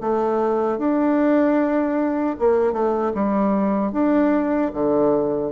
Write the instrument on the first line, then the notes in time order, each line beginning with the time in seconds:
bassoon
0.00 A3
0.78 D4
2.38 A#3
2.72 A3
3.14 G3
3.92 D4
4.73 D3